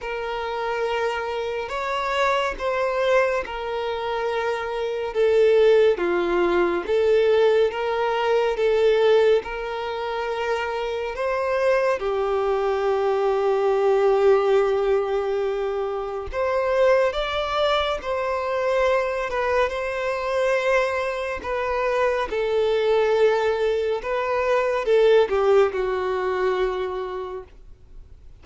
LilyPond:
\new Staff \with { instrumentName = "violin" } { \time 4/4 \tempo 4 = 70 ais'2 cis''4 c''4 | ais'2 a'4 f'4 | a'4 ais'4 a'4 ais'4~ | ais'4 c''4 g'2~ |
g'2. c''4 | d''4 c''4. b'8 c''4~ | c''4 b'4 a'2 | b'4 a'8 g'8 fis'2 | }